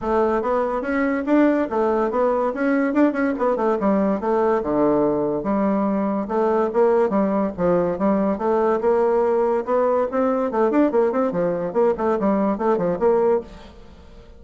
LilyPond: \new Staff \with { instrumentName = "bassoon" } { \time 4/4 \tempo 4 = 143 a4 b4 cis'4 d'4 | a4 b4 cis'4 d'8 cis'8 | b8 a8 g4 a4 d4~ | d4 g2 a4 |
ais4 g4 f4 g4 | a4 ais2 b4 | c'4 a8 d'8 ais8 c'8 f4 | ais8 a8 g4 a8 f8 ais4 | }